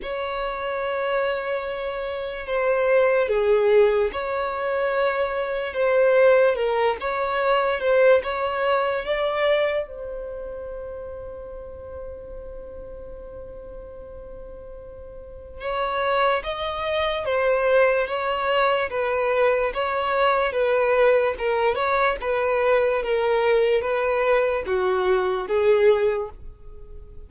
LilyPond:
\new Staff \with { instrumentName = "violin" } { \time 4/4 \tempo 4 = 73 cis''2. c''4 | gis'4 cis''2 c''4 | ais'8 cis''4 c''8 cis''4 d''4 | c''1~ |
c''2. cis''4 | dis''4 c''4 cis''4 b'4 | cis''4 b'4 ais'8 cis''8 b'4 | ais'4 b'4 fis'4 gis'4 | }